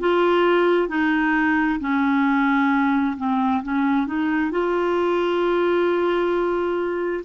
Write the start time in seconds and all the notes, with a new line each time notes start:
0.00 F4
0.88 D#4
1.80 C#4
3.17 C4
3.63 C#4
4.07 D#4
4.51 F4